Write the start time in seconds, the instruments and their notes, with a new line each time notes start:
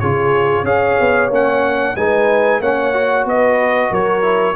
0.00 tuba C#3, trombone F4, horn G#4, trumpet C#5
0.64 tuba C#4, trombone G#4, horn C#5, trumpet F5
1.00 tuba B3
1.30 tuba A#3, trombone C#4, trumpet F#5
1.97 tuba G#3, trombone D#4, horn B4, trumpet G#5
2.60 tuba A#3, trombone C#4, horn C#5, trumpet F#5
2.94 trombone F#4
3.26 tuba B3, horn B4, trumpet D#5
3.91 tuba F#3, horn A#4, trumpet C#5
4.22 trombone E4